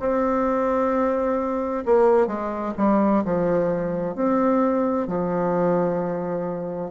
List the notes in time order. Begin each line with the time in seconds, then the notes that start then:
0.00 C4
1.86 A#3
2.27 G#3
2.78 G3
3.25 F3
4.16 C4
5.08 F3